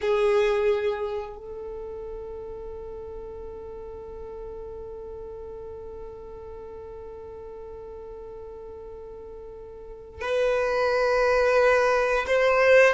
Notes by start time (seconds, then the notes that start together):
0.01 G#4
1.37 A4
10.21 B4
12.26 C5